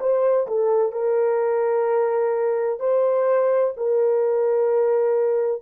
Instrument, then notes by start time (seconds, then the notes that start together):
horn
0.00 C5
0.47 A4
0.92 A#4
2.80 C5
3.77 A#4